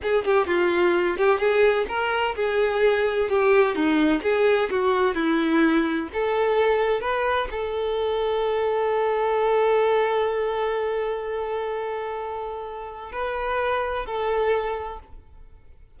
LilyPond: \new Staff \with { instrumentName = "violin" } { \time 4/4 \tempo 4 = 128 gis'8 g'8 f'4. g'8 gis'4 | ais'4 gis'2 g'4 | dis'4 gis'4 fis'4 e'4~ | e'4 a'2 b'4 |
a'1~ | a'1~ | a'1 | b'2 a'2 | }